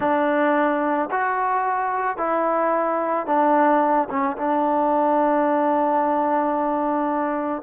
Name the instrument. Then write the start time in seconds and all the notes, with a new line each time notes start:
trombone
0.00 D4
1.11 F#4
2.17 E4
3.26 D4
4.09 C#4
4.37 D4